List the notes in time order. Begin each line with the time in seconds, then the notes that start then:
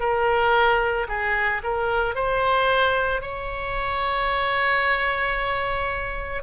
0.00 A#4
1.09 G#4
1.64 A#4
2.15 C5
3.21 C#5